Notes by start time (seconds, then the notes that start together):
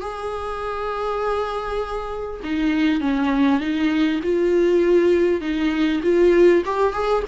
0.00 G#4
2.43 D#4
3.00 C#4
3.60 D#4
4.23 F4
5.41 D#4
6.03 F4
6.65 G4
6.92 G#4